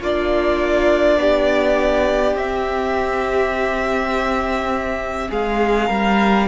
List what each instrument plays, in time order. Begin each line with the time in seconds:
0.00 cello A#3, viola D4, violin F4 D5
1.16 cello B3, violin G4
2.34 cello C4, viola C4, violin E5
5.29 cello G#3, violin G#4 F5
5.87 cello G3, violin A#4